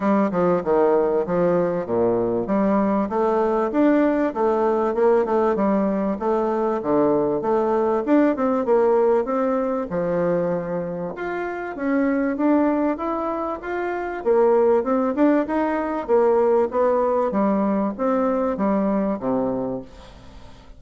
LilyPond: \new Staff \with { instrumentName = "bassoon" } { \time 4/4 \tempo 4 = 97 g8 f8 dis4 f4 ais,4 | g4 a4 d'4 a4 | ais8 a8 g4 a4 d4 | a4 d'8 c'8 ais4 c'4 |
f2 f'4 cis'4 | d'4 e'4 f'4 ais4 | c'8 d'8 dis'4 ais4 b4 | g4 c'4 g4 c4 | }